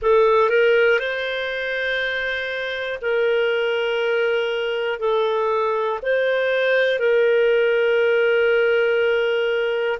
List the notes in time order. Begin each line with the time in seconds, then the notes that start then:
0.01 A4
0.50 A#4
0.99 C5
3.01 A#4
5.00 A4
6.02 C5
6.99 A#4